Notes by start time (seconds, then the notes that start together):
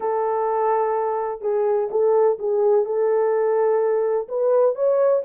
0.00 A4
1.41 G#4
1.90 A4
2.39 G#4
2.85 A4
4.28 B4
4.75 C#5